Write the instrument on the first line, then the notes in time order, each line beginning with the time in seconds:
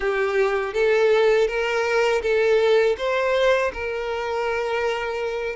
violin
0.00 G4
0.73 A4
1.47 A#4
2.22 A4
2.97 C5
3.73 A#4